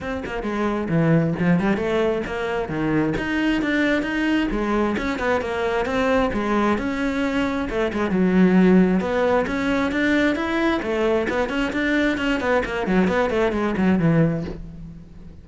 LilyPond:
\new Staff \with { instrumentName = "cello" } { \time 4/4 \tempo 4 = 133 c'8 ais8 gis4 e4 f8 g8 | a4 ais4 dis4 dis'4 | d'4 dis'4 gis4 cis'8 b8 | ais4 c'4 gis4 cis'4~ |
cis'4 a8 gis8 fis2 | b4 cis'4 d'4 e'4 | a4 b8 cis'8 d'4 cis'8 b8 | ais8 fis8 b8 a8 gis8 fis8 e4 | }